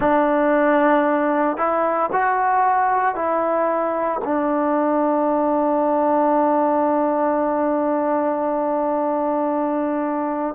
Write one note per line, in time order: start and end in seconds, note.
0.00 1.57 D4
1.57 2.10 E4
2.12 3.15 F#4
3.15 4.20 E4
4.24 10.55 D4